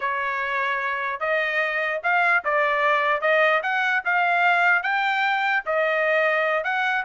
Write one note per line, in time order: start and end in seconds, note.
0.00 1.20 C#5
1.20 2.00 D#5
2.03 2.43 F5
2.44 3.21 D5
3.21 3.61 D#5
3.62 4.03 F#5
4.05 4.82 F5
4.82 5.63 G5
5.65 6.64 D#5
6.64 7.04 F#5